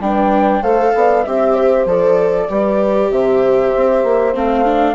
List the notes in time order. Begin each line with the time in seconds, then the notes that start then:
0.00 G3 D4 B4 G5
0.62 A3 A4 C5 F5
0.95 B3 D5
1.24 C4 G4 E5
1.54 C5
1.86 F3 A4 D5
2.49 G3 G4 B4
3.11 C3 C5 E5
3.76 C4
4.04 A#3
4.34 A3 C4 F5
4.65 D4